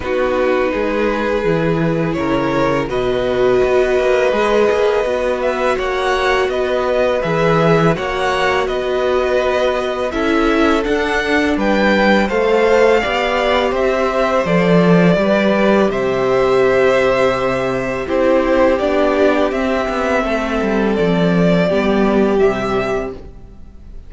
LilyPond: <<
  \new Staff \with { instrumentName = "violin" } { \time 4/4 \tempo 4 = 83 b'2. cis''4 | dis''2.~ dis''8 e''8 | fis''4 dis''4 e''4 fis''4 | dis''2 e''4 fis''4 |
g''4 f''2 e''4 | d''2 e''2~ | e''4 c''4 d''4 e''4~ | e''4 d''2 e''4 | }
  \new Staff \with { instrumentName = "violin" } { \time 4/4 fis'4 gis'2 ais'4 | b'1 | cis''4 b'2 cis''4 | b'2 a'2 |
b'4 c''4 d''4 c''4~ | c''4 b'4 c''2~ | c''4 g'2. | a'2 g'2 | }
  \new Staff \with { instrumentName = "viola" } { \time 4/4 dis'2 e'2 | fis'2 gis'4 fis'4~ | fis'2 gis'4 fis'4~ | fis'2 e'4 d'4~ |
d'4 a'4 g'2 | a'4 g'2.~ | g'4 e'4 d'4 c'4~ | c'2 b4 g4 | }
  \new Staff \with { instrumentName = "cello" } { \time 4/4 b4 gis4 e4 cis4 | b,4 b8 ais8 gis8 ais8 b4 | ais4 b4 e4 ais4 | b2 cis'4 d'4 |
g4 a4 b4 c'4 | f4 g4 c2~ | c4 c'4 b4 c'8 b8 | a8 g8 f4 g4 c4 | }
>>